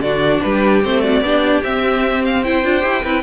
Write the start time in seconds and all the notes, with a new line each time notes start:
0.00 D3 D4 F#4 D5
0.42 G3 G4 B4
0.84 A3 C4 C5
1.01 F#4 D5
1.21 B3 D4 G4
1.63 C4 E5
2.26 F5
2.44 E4 C5 G5
2.65 D4 F4
2.81 E4 G4
3.04 C4 E4 B4